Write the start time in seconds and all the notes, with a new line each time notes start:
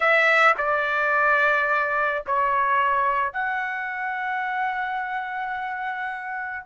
0.00 E5
0.57 D5
2.26 C#5
3.33 F#5